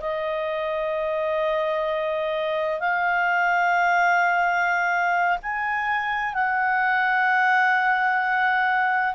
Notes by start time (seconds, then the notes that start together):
0.00 D#5
2.80 F5
5.42 G#5
6.33 F#5